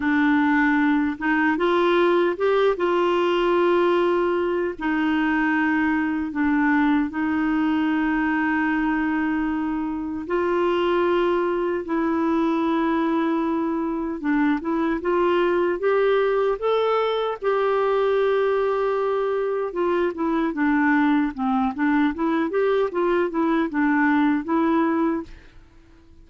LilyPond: \new Staff \with { instrumentName = "clarinet" } { \time 4/4 \tempo 4 = 76 d'4. dis'8 f'4 g'8 f'8~ | f'2 dis'2 | d'4 dis'2.~ | dis'4 f'2 e'4~ |
e'2 d'8 e'8 f'4 | g'4 a'4 g'2~ | g'4 f'8 e'8 d'4 c'8 d'8 | e'8 g'8 f'8 e'8 d'4 e'4 | }